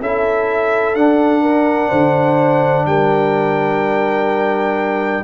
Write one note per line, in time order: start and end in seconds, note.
0.00 0.94 C#4
0.00 0.95 E4
0.00 1.42 A4
0.00 0.95 E5
0.94 1.90 D4
0.94 5.24 D4
0.94 2.85 F#5
1.42 1.89 A#4
1.89 2.85 D3
1.89 2.84 C5
2.85 5.23 G3
2.85 5.24 A#4
2.85 5.24 G5